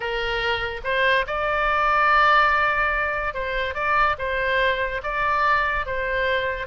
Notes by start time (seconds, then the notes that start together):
0.00 A#4
0.84 C5
1.26 D5
3.34 C5
3.74 D5
4.18 C5
5.03 D5
5.85 C5